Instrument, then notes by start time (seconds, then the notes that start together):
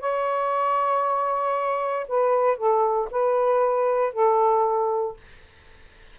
saxophone
0.00 C#5
2.08 B4
2.57 A4
3.11 B4
4.13 A4